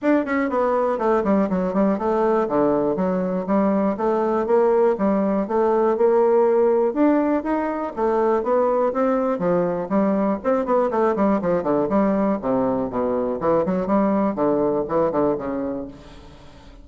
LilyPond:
\new Staff \with { instrumentName = "bassoon" } { \time 4/4 \tempo 4 = 121 d'8 cis'8 b4 a8 g8 fis8 g8 | a4 d4 fis4 g4 | a4 ais4 g4 a4 | ais2 d'4 dis'4 |
a4 b4 c'4 f4 | g4 c'8 b8 a8 g8 f8 d8 | g4 c4 b,4 e8 fis8 | g4 d4 e8 d8 cis4 | }